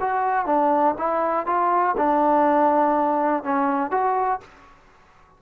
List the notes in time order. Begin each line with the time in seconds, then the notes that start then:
0.00 F#4
0.45 D4
0.98 E4
1.46 F4
1.97 D4
3.43 C#4
3.91 F#4